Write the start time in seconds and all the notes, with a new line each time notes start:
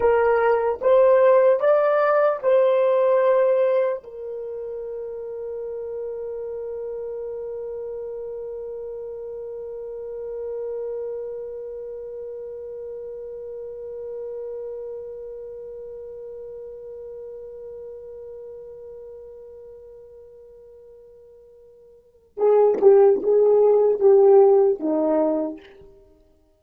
0.00 A#4
0.81 C5
1.60 D5
2.42 C5
4.03 A#4
22.37 G#4
22.81 G4
23.23 G#4
23.99 G4
24.79 D#4